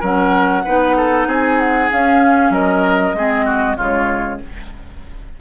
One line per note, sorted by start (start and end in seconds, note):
0.00 0.64 F#3
0.00 0.64 C#4
0.00 0.62 A#4
0.00 1.29 F#5
0.65 1.27 B3
0.65 1.90 D#4
0.65 0.96 B4
0.97 1.27 A4
1.27 1.89 C4
1.27 2.52 G#4
1.27 1.59 G#5
1.59 1.90 F#5
1.90 3.15 C#4
1.90 2.50 C#4
1.90 2.52 F5
2.50 3.13 F#3
2.50 3.16 A#4
2.50 3.77 D#5
3.14 3.76 G#3
3.14 3.78 C4
3.14 3.45 G#4
3.45 3.77 F#4
3.77 4.40 C#3
3.77 4.40 G#3
3.77 4.39 F4
3.77 4.39 C#5